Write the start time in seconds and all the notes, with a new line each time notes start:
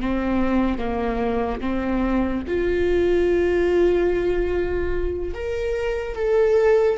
0.00 C4
0.78 A#3
1.60 C4
2.47 F4
5.34 A#4
6.15 A4